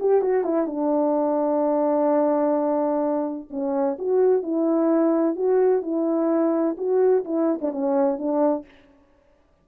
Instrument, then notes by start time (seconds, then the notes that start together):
horn
0.00 G4
0.22 F#4
0.44 E4
0.67 D4
3.50 C#4
3.98 F#4
4.43 E4
5.36 F#4
5.82 E4
6.78 F#4
7.25 E4
7.62 D4
7.72 C#4
8.18 D4